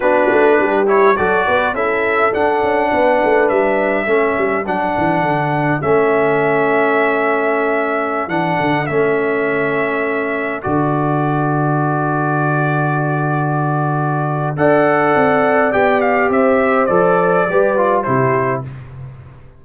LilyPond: <<
  \new Staff \with { instrumentName = "trumpet" } { \time 4/4 \tempo 4 = 103 b'4. cis''8 d''4 e''4 | fis''2 e''2 | fis''2 e''2~ | e''2~ e''16 fis''4 e''8.~ |
e''2~ e''16 d''4.~ d''16~ | d''1~ | d''4 fis''2 g''8 f''8 | e''4 d''2 c''4 | }
  \new Staff \with { instrumentName = "horn" } { \time 4/4 fis'4 g'4 a'8 b'8 a'4~ | a'4 b'2 a'4~ | a'1~ | a'1~ |
a'1~ | a'1~ | a'4 d''2. | c''2 b'4 g'4 | }
  \new Staff \with { instrumentName = "trombone" } { \time 4/4 d'4. e'8 fis'4 e'4 | d'2. cis'4 | d'2 cis'2~ | cis'2~ cis'16 d'4 cis'8.~ |
cis'2~ cis'16 fis'4.~ fis'16~ | fis'1~ | fis'4 a'2 g'4~ | g'4 a'4 g'8 f'8 e'4 | }
  \new Staff \with { instrumentName = "tuba" } { \time 4/4 b8 a8 g4 fis8 b8 cis'4 | d'8 cis'8 b8 a8 g4 a8 g8 | fis8 e8 d4 a2~ | a2~ a16 e8 d8 a8.~ |
a2~ a16 d4.~ d16~ | d1~ | d4 d'4 c'4 b4 | c'4 f4 g4 c4 | }
>>